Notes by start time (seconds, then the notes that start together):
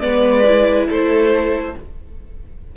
0.00 G#3 B3 B4 D5
0.46 E4
0.89 A3 A4 C5